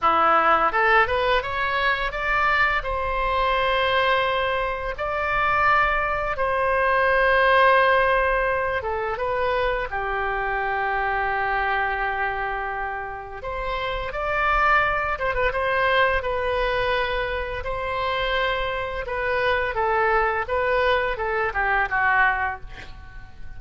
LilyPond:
\new Staff \with { instrumentName = "oboe" } { \time 4/4 \tempo 4 = 85 e'4 a'8 b'8 cis''4 d''4 | c''2. d''4~ | d''4 c''2.~ | c''8 a'8 b'4 g'2~ |
g'2. c''4 | d''4. c''16 b'16 c''4 b'4~ | b'4 c''2 b'4 | a'4 b'4 a'8 g'8 fis'4 | }